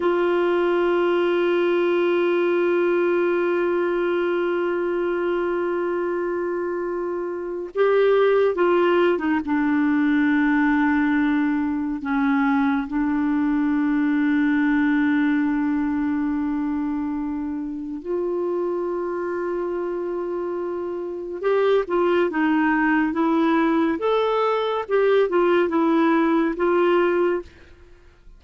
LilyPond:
\new Staff \with { instrumentName = "clarinet" } { \time 4/4 \tempo 4 = 70 f'1~ | f'1~ | f'4 g'4 f'8. dis'16 d'4~ | d'2 cis'4 d'4~ |
d'1~ | d'4 f'2.~ | f'4 g'8 f'8 dis'4 e'4 | a'4 g'8 f'8 e'4 f'4 | }